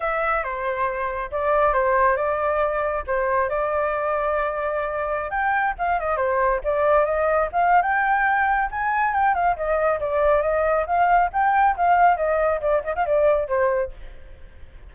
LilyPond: \new Staff \with { instrumentName = "flute" } { \time 4/4 \tempo 4 = 138 e''4 c''2 d''4 | c''4 d''2 c''4 | d''1~ | d''16 g''4 f''8 dis''8 c''4 d''8.~ |
d''16 dis''4 f''8. g''2 | gis''4 g''8 f''8 dis''4 d''4 | dis''4 f''4 g''4 f''4 | dis''4 d''8 dis''16 f''16 d''4 c''4 | }